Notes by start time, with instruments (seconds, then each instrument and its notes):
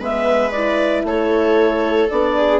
0.00 bassoon G#3, horn B3, viola B4, clarinet E5
0.51 horn E4, clarinet D5
1.04 bassoon A3, viola A4, clarinet C#5
2.10 bassoon B3, horn D4, clarinet D5
2.38 viola G#4